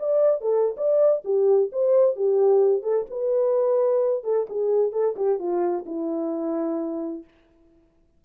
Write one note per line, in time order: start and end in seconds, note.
0.00 0.42 D5
0.42 0.76 A4
0.77 1.24 D5
1.25 1.71 G4
1.73 2.17 C5
2.17 2.83 G4
2.83 3.06 A4
3.11 4.24 B4
4.24 4.47 A4
4.50 4.93 G#4
4.93 5.16 A4
5.17 5.39 G4
5.39 5.86 F4
5.86 7.25 E4